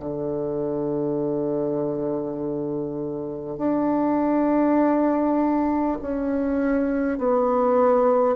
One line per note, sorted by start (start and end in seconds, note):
0.00 3.58 D3
3.58 5.98 D4
6.02 7.19 C#4
7.19 8.36 B3